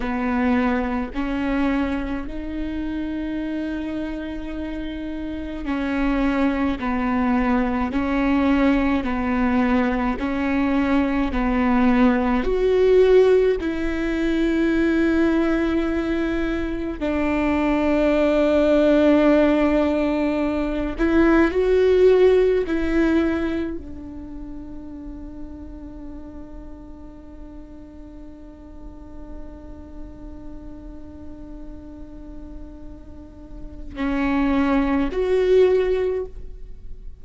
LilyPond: \new Staff \with { instrumentName = "viola" } { \time 4/4 \tempo 4 = 53 b4 cis'4 dis'2~ | dis'4 cis'4 b4 cis'4 | b4 cis'4 b4 fis'4 | e'2. d'4~ |
d'2~ d'8 e'8 fis'4 | e'4 d'2.~ | d'1~ | d'2 cis'4 fis'4 | }